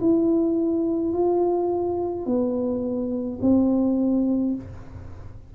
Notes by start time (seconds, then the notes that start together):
0.00 E4
1.13 F4
2.26 B3
3.41 C4